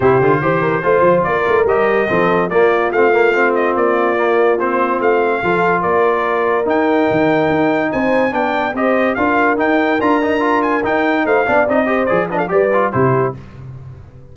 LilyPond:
<<
  \new Staff \with { instrumentName = "trumpet" } { \time 4/4 \tempo 4 = 144 c''2. d''4 | dis''2 d''4 f''4~ | f''8 dis''8 d''2 c''4 | f''2 d''2 |
g''2. gis''4 | g''4 dis''4 f''4 g''4 | ais''4. gis''8 g''4 f''4 | dis''4 d''8 dis''16 f''16 d''4 c''4 | }
  \new Staff \with { instrumentName = "horn" } { \time 4/4 g'4 c''8 ais'8 c''4 ais'4~ | ais'4 a'4 f'2~ | f'1~ | f'4 a'4 ais'2~ |
ais'2. c''4 | d''4 c''4 ais'2~ | ais'2. c''8 d''8~ | d''8 c''4 b'16 a'16 b'4 g'4 | }
  \new Staff \with { instrumentName = "trombone" } { \time 4/4 e'8 f'8 g'4 f'2 | g'4 c'4 ais4 c'8 ais8 | c'2 ais4 c'4~ | c'4 f'2. |
dis'1 | d'4 g'4 f'4 dis'4 | f'8 dis'8 f'4 dis'4. d'8 | dis'8 g'8 gis'8 d'8 g'8 f'8 e'4 | }
  \new Staff \with { instrumentName = "tuba" } { \time 4/4 c8 d8 e4 a8 f8 ais8 a8 | g4 f4 ais4 a4~ | a4 ais2. | a4 f4 ais2 |
dis'4 dis4 dis'4 c'4 | b4 c'4 d'4 dis'4 | d'2 dis'4 a8 b8 | c'4 f4 g4 c4 | }
>>